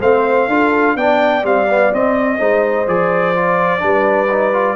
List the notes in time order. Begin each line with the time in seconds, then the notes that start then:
0.00 A3 C4 C5 F5
0.48 D4 F4 A4
0.96 B3 D4 D5 G5
1.43 G3 C4 F5
1.70 B3
1.93 C4 D#5
2.38 G#3 D#4 C5
2.87 F3 G#4 D5
3.36 F4
3.80 G3 D4 B4
4.31 D#4
4.53 F4